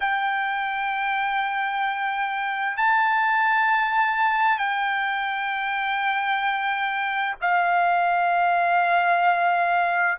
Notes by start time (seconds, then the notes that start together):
0.00 G5
2.77 A5
4.58 G5
7.41 F5